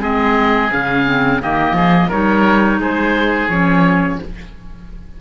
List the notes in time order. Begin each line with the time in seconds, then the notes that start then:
0.00 G#3 C4 G#4 D#5
0.72 C#3 C#4 F5
1.06 C4
1.41 D#3 A#3 G4 D#5
1.72 F3 G#4
2.08 G3 D#4 A#4 C#5
2.78 G#3 G#4 C5
3.49 F3 C#4 C#5